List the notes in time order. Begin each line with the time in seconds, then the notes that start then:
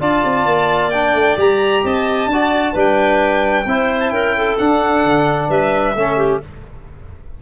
0.00 D4 F4 D5 A5
0.24 C4
0.45 A#3
0.90 D4 G5
1.14 A3
1.37 G3 G4 A#5
1.83 C4 D#5 A5
2.26 D4 D5
2.32 F#4
2.73 G3 D4 B4
2.79 G5
3.65 C4 E4 C5
4.00 A5
4.09 C#4 A#4 G5
4.36 A4
4.58 D4 F#5
5.04 D3
5.48 G3 B4 E5
5.94 A3 C#4 A4
6.17 G4